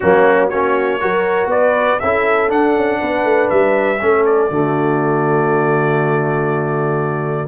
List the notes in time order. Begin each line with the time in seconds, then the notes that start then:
0.00 F#3 A#3 C#4 F#4
0.49 A#3 C#4 F#4 C#5
1.00 F#3 F#4 A#4
1.46 B3 B4 D5
1.99 C#4 E4 A4 E5
2.48 D4 F#5
2.75 C#4
3.00 B3 B4
3.24 A3
3.49 G3 E5
4.01 A3 C#4 A4
4.25 D5
4.50 D3 A3 F#4